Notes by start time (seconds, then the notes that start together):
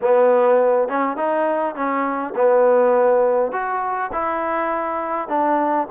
0.01 B3
0.88 C#4
1.16 D#4
1.75 C#4
2.35 B3
3.52 F#4
4.12 E4
5.28 D4